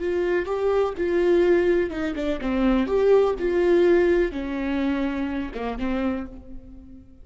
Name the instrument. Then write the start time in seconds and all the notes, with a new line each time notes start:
viola
0.00 F4
0.46 G4
0.97 F4
1.90 D#4
2.16 D4
2.41 C4
2.87 G4
3.39 F4
4.32 C#4
5.55 A#3
5.78 C4